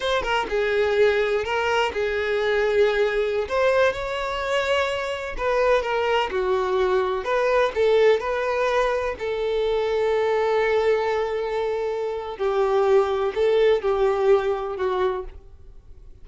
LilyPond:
\new Staff \with { instrumentName = "violin" } { \time 4/4 \tempo 4 = 126 c''8 ais'8 gis'2 ais'4 | gis'2.~ gis'16 c''8.~ | c''16 cis''2. b'8.~ | b'16 ais'4 fis'2 b'8.~ |
b'16 a'4 b'2 a'8.~ | a'1~ | a'2 g'2 | a'4 g'2 fis'4 | }